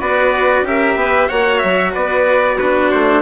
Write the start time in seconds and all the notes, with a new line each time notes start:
0.00 B3 F#4 B4 D5
0.62 C#4 G4 A#4 E5
0.96 B3 B4
1.28 A#3 F#4 C#5 F#5
1.59 F#3 E5
1.92 B3 B4 D5
2.58 D4 F#4 B4
2.91 A3 C5